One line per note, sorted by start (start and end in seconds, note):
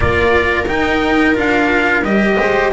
0.00 0.69 A#3
0.00 0.64 F4
0.00 2.38 A#4
0.00 0.67 D5
0.67 1.34 D#4
0.67 1.37 D#4
0.67 1.36 G5
1.34 2.03 D4
1.34 2.02 F4
1.34 2.04 F5
2.03 2.37 G3
2.03 2.72 G4
2.03 2.72 D#5
2.39 2.72 G#3
2.39 2.72 C5